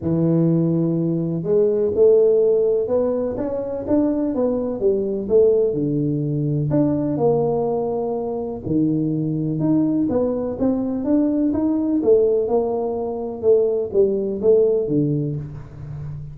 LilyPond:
\new Staff \with { instrumentName = "tuba" } { \time 4/4 \tempo 4 = 125 e2. gis4 | a2 b4 cis'4 | d'4 b4 g4 a4 | d2 d'4 ais4~ |
ais2 dis2 | dis'4 b4 c'4 d'4 | dis'4 a4 ais2 | a4 g4 a4 d4 | }